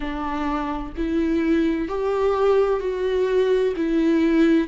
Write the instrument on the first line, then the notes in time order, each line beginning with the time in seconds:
viola
0.00 D4
0.96 E4
1.88 G4
2.80 F#4
3.76 E4